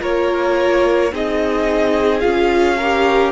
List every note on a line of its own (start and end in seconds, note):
0.00 1.12 A#3
0.00 1.11 F4
0.00 1.12 A#4
0.00 1.14 C#5
1.12 2.24 C4
1.12 2.21 D#4
1.12 2.77 G#4
1.12 2.20 D#5
2.20 3.32 C#4
2.20 2.77 F4
2.20 3.31 F5
2.77 3.32 G4
2.77 3.32 A#4